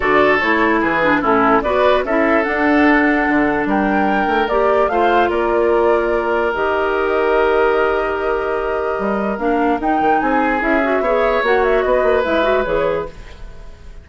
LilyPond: <<
  \new Staff \with { instrumentName = "flute" } { \time 4/4 \tempo 4 = 147 d''4 cis''4 b'4 a'4 | d''4 e''4 fis''2~ | fis''4 g''2 d''4 | f''4 d''2. |
dis''1~ | dis''2. f''4 | g''4 gis''4 e''2 | fis''8 e''8 dis''4 e''4 cis''4 | }
  \new Staff \with { instrumentName = "oboe" } { \time 4/4 a'2 gis'4 e'4 | b'4 a'2.~ | a'4 ais'2. | c''4 ais'2.~ |
ais'1~ | ais'1~ | ais'4 gis'2 cis''4~ | cis''4 b'2. | }
  \new Staff \with { instrumentName = "clarinet" } { \time 4/4 fis'4 e'4. d'8 cis'4 | fis'4 e'4 d'2~ | d'2. g'4 | f'1 |
g'1~ | g'2. d'4 | dis'2 e'8 fis'8 gis'4 | fis'2 e'8 fis'8 gis'4 | }
  \new Staff \with { instrumentName = "bassoon" } { \time 4/4 d4 a4 e4 a,4 | b4 cis'4 d'2 | d4 g4. a8 ais4 | a4 ais2. |
dis1~ | dis2 g4 ais4 | dis'8 dis8 c'4 cis'4 b4 | ais4 b8 ais8 gis4 e4 | }
>>